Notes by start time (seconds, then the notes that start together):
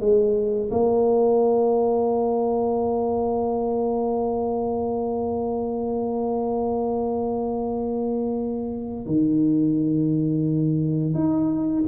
0.00 G#3
0.71 A#3
9.06 D#3
11.14 D#4